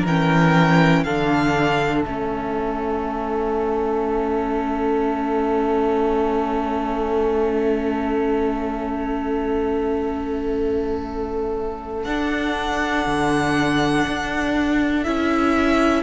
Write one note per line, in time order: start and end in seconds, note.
0.00 1.05 E3
0.00 1.00 A#4
0.06 1.05 C#4
0.06 1.04 G5
1.04 2.05 D3
1.04 2.05 D4
1.04 16.03 A4
1.04 2.02 F5
2.02 12.05 A3
2.02 12.05 C#4
2.02 12.02 E5
12.04 15.04 D4
12.04 13.05 D4
12.04 15.03 F#5
13.06 14.06 D3
14.06 15.06 D4
15.03 16.03 C#4
15.03 16.03 E4
15.03 16.03 E5